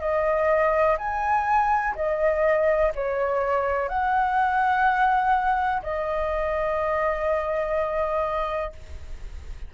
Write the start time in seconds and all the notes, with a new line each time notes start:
0.00 D#5
0.98 G#5
1.95 D#5
2.95 C#5
3.88 F#5
5.82 D#5